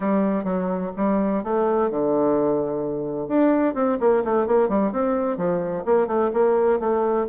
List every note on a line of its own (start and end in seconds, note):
0.00 0.44 G3
0.44 0.91 F#3
0.96 1.43 G3
1.43 1.90 A3
1.90 3.27 D3
3.27 3.74 D4
3.74 3.97 C4
4.00 4.23 A#3
4.24 4.46 A3
4.46 4.68 A#3
4.68 4.92 G3
4.92 5.37 C4
5.37 5.84 F3
5.85 6.07 A#3
6.07 6.30 A3
6.33 6.79 A#3
6.79 7.26 A3